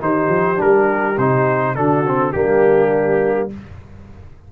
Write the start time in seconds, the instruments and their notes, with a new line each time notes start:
0.00 tuba D#3, trombone D#4, horn G4, trumpet C5
0.28 tuba F3
0.56 tuba G3, trombone D4, trumpet A#4
1.17 tuba C3, trombone D#4, trumpet C5
1.75 tuba D3, trombone D4, horn F#4, trumpet A4
2.06 trombone C4
2.32 tuba G3, trombone A#3, horn D4, trumpet G4